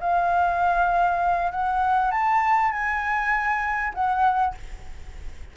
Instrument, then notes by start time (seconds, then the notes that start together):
flute
0.00 F5
1.51 F#5
2.11 A5
2.72 G#5
3.93 F#5